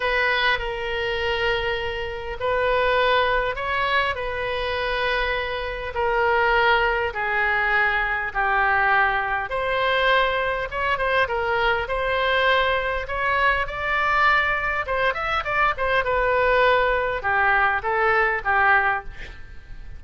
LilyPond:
\new Staff \with { instrumentName = "oboe" } { \time 4/4 \tempo 4 = 101 b'4 ais'2. | b'2 cis''4 b'4~ | b'2 ais'2 | gis'2 g'2 |
c''2 cis''8 c''8 ais'4 | c''2 cis''4 d''4~ | d''4 c''8 e''8 d''8 c''8 b'4~ | b'4 g'4 a'4 g'4 | }